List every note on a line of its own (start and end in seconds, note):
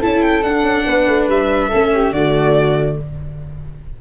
0.00 0.43 C#4
0.00 0.44 E4
0.00 0.85 A4
0.00 0.22 A5
0.22 0.43 G5
0.43 0.63 D4
0.43 1.72 D4
0.43 1.28 F#5
0.63 0.84 C#4
0.87 1.07 B3
0.87 1.68 B4
1.07 1.28 A3
1.28 1.71 G3
1.28 2.13 E5
1.68 2.12 A3
1.68 2.14 C#4
1.68 1.89 A4
1.94 2.12 G4
2.12 2.96 D3
2.12 3.01 A3
2.12 2.97 F#4
2.12 2.97 D5